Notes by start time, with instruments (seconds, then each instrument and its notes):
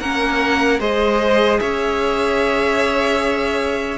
0.00 cello A#3, viola C#4, violin A#4 F#5
0.80 cello G#3, viola G#4, violin C5 D#5
1.60 cello C#4, violin C#5 E5